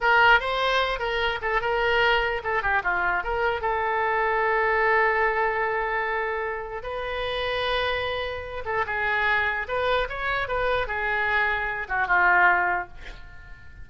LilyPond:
\new Staff \with { instrumentName = "oboe" } { \time 4/4 \tempo 4 = 149 ais'4 c''4. ais'4 a'8 | ais'2 a'8 g'8 f'4 | ais'4 a'2.~ | a'1~ |
a'4 b'2.~ | b'4. a'8 gis'2 | b'4 cis''4 b'4 gis'4~ | gis'4. fis'8 f'2 | }